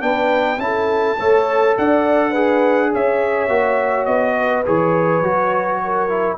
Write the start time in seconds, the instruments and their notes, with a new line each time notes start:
0.00 tuba B3, trombone D4, horn B4, trumpet G5
0.58 tuba C#4, trombone E4, trumpet A5
0.64 horn A4
1.19 tuba A3, trombone A4, horn C#5
1.78 tuba D4, horn D5, trumpet F#5
2.31 trombone G#4, horn B4
2.92 tuba C#4, horn C#5, trumpet E5
3.48 tuba A#3, trombone F#4
4.05 tuba B3, trumpet D#5
4.38 horn B4
4.65 tuba E3, trombone G#4, trumpet C#5
5.20 tuba F#3, trombone F#4
5.84 horn A#4
6.08 trombone E4